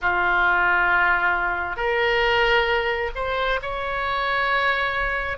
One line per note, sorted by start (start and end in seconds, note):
0.01 1.76 F4
1.76 3.10 A#4
3.15 3.60 C5
3.61 5.37 C#5